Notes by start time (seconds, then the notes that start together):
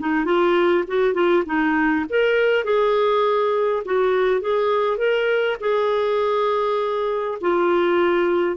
0.00 D#4
0.26 F4
0.88 F#4
1.14 F4
1.46 D#4
2.10 A#4
2.65 G#4
3.85 F#4
4.41 G#4
4.98 A#4
5.60 G#4
7.41 F4